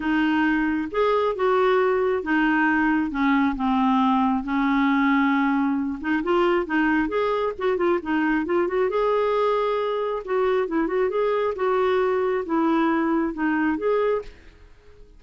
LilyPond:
\new Staff \with { instrumentName = "clarinet" } { \time 4/4 \tempo 4 = 135 dis'2 gis'4 fis'4~ | fis'4 dis'2 cis'4 | c'2 cis'2~ | cis'4. dis'8 f'4 dis'4 |
gis'4 fis'8 f'8 dis'4 f'8 fis'8 | gis'2. fis'4 | e'8 fis'8 gis'4 fis'2 | e'2 dis'4 gis'4 | }